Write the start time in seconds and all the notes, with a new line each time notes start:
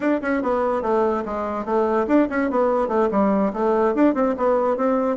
0.00 D4
0.21 C#4
0.42 B3
0.82 A3
1.25 G#3
1.65 A3
2.07 D4
2.29 C#4
2.50 B3
2.88 A3
3.11 G3
3.53 A3
3.94 D4
4.14 C4
4.37 B3
4.77 C4